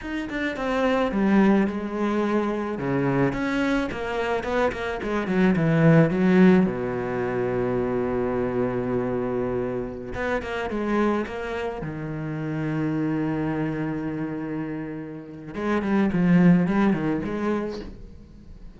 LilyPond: \new Staff \with { instrumentName = "cello" } { \time 4/4 \tempo 4 = 108 dis'8 d'8 c'4 g4 gis4~ | gis4 cis4 cis'4 ais4 | b8 ais8 gis8 fis8 e4 fis4 | b,1~ |
b,2~ b,16 b8 ais8 gis8.~ | gis16 ais4 dis2~ dis8.~ | dis1 | gis8 g8 f4 g8 dis8 gis4 | }